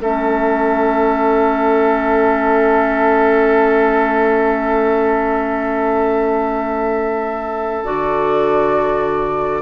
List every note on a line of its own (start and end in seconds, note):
0.00 7.84 A3
0.00 7.85 C#4
0.00 9.62 A4
0.00 7.85 E5
7.85 9.62 D3
7.85 9.62 F#4
7.85 9.62 D5